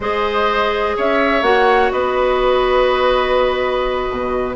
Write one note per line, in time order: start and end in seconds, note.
0.00 0.96 G#3
0.00 1.43 G#4
0.00 0.96 C5
0.00 0.97 D#5
0.96 1.42 C#4
0.96 1.92 C#5
0.96 1.43 E5
1.42 1.90 A#3
1.42 4.55 F#4
1.42 1.91 F#5
1.91 4.08 B3
1.91 4.56 B4
1.91 4.55 D#5
4.09 4.56 B2